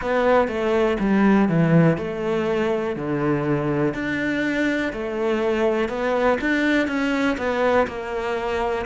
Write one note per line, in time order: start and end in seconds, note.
0.01 0.47 B3
0.47 0.97 A3
0.99 1.48 G3
1.48 1.97 E3
1.97 2.96 A3
2.96 3.93 D3
3.93 4.92 D4
4.92 5.88 A3
5.88 6.38 B3
6.41 6.87 D4
6.87 7.36 C#4
7.37 7.86 B3
7.87 8.85 A#3